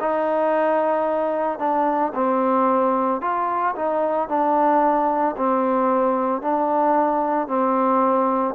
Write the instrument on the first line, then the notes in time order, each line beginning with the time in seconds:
trombone
0.00 D#4
1.59 D4
2.14 C4
3.21 F4
3.76 D#4
4.29 D4
5.37 C4
6.42 D4
7.48 C4